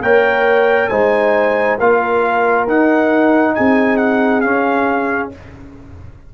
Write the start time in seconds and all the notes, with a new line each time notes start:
0.00 A#3 A#4 C#5 G5
0.89 G#3 D#4 C5 G#5
1.78 A#3 F4 A#4 F5
2.67 D#4 F#5
3.54 C4 G#4 G#5
3.97 F#5
4.41 C#4 F5